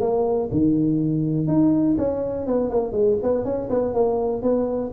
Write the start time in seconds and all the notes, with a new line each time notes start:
0.00 A#3
0.51 D#3
1.47 D#4
1.98 C#4
2.47 B3
2.70 A#3
2.92 G#3
3.22 B3
3.44 C#4
3.70 B3
3.94 A#3
4.42 B3